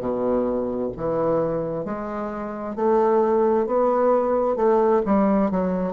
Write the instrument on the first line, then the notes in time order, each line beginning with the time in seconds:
bassoon
0.00 B2
0.97 E3
1.85 G#3
2.75 A3
3.66 B3
4.56 A3
5.06 G3
5.51 F#3